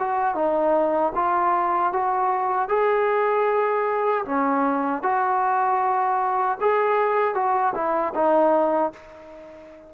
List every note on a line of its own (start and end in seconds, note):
0.00 0.35 F#4
0.35 1.13 D#4
1.15 1.93 F4
1.93 2.69 F#4
2.69 4.25 G#4
4.25 5.03 C#4
5.03 6.59 F#4
6.61 7.35 G#4
7.35 7.74 F#4
7.75 8.14 E4
8.15 8.93 D#4